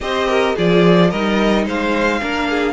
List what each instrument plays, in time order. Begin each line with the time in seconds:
0.00 cello C4, viola G4, violin C5 D#5
0.28 violin A#4
0.55 cello F3, viola F4, violin G#4 D5
1.09 cello G3, viola D#4, violin A#4 D#5
1.65 cello G#3, violin C5 F5
2.21 cello A#3, viola D4, violin A#4
2.49 violin G#4